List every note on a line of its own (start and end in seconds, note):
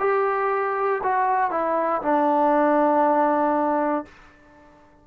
0.00 1.02 G4
1.04 1.51 F#4
1.51 2.02 E4
2.02 4.05 D4